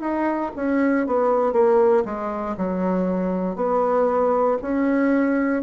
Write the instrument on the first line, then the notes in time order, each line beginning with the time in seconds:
bassoon
0.00 D#4
0.55 C#4
1.06 B3
1.52 A#3
2.05 G#3
2.57 F#3
3.55 B3
4.61 C#4